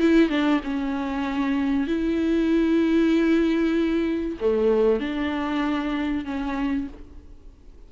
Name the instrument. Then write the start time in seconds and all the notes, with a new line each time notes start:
viola
0.00 E4
0.29 D4
0.64 C#4
1.88 E4
4.40 A3
5.00 D4
6.25 C#4